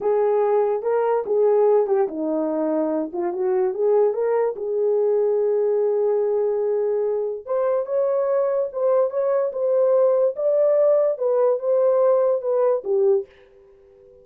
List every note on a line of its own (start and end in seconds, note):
0.00 0.82 G#4
0.82 1.24 A#4
1.25 1.86 G#4
1.86 2.07 G4
2.07 3.11 D#4
3.12 3.32 F4
3.32 3.74 F#4
3.74 4.13 G#4
4.13 4.54 A#4
4.56 7.45 G#4
7.45 7.86 C5
7.86 8.68 C#5
8.72 9.10 C5
9.10 9.51 C#5
9.52 10.35 C5
10.36 11.18 D5
11.18 11.59 B4
11.59 12.41 C5
12.41 12.83 B4
12.84 13.25 G4